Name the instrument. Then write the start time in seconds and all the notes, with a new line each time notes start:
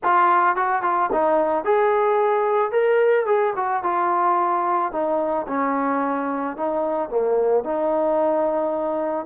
trombone
0.03 F4
0.56 F#4
0.82 F4
1.12 D#4
1.64 G#4
2.71 A#4
3.26 G#4
3.56 F#4
3.83 F4
4.91 D#4
5.47 C#4
6.57 D#4
7.09 A#3
7.64 D#4